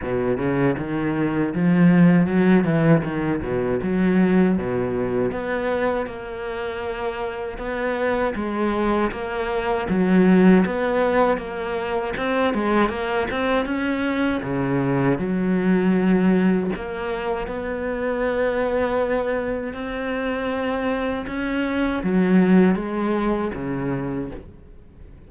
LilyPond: \new Staff \with { instrumentName = "cello" } { \time 4/4 \tempo 4 = 79 b,8 cis8 dis4 f4 fis8 e8 | dis8 b,8 fis4 b,4 b4 | ais2 b4 gis4 | ais4 fis4 b4 ais4 |
c'8 gis8 ais8 c'8 cis'4 cis4 | fis2 ais4 b4~ | b2 c'2 | cis'4 fis4 gis4 cis4 | }